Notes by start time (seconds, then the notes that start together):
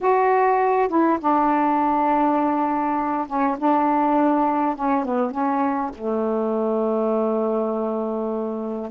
0.01 F#4
0.88 E4
1.20 D4
3.27 C#4
3.58 D4
4.75 C#4
5.04 B3
5.31 C#4
5.95 A3